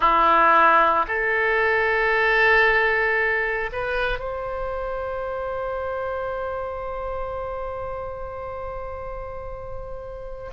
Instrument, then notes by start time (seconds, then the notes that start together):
oboe
0.00 E4
1.07 A4
3.72 B4
4.19 C5